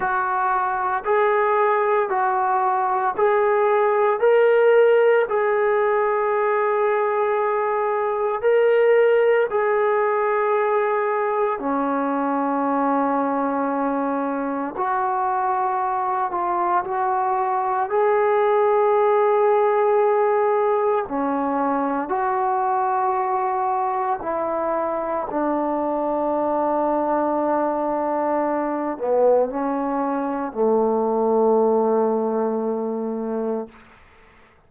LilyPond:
\new Staff \with { instrumentName = "trombone" } { \time 4/4 \tempo 4 = 57 fis'4 gis'4 fis'4 gis'4 | ais'4 gis'2. | ais'4 gis'2 cis'4~ | cis'2 fis'4. f'8 |
fis'4 gis'2. | cis'4 fis'2 e'4 | d'2.~ d'8 b8 | cis'4 a2. | }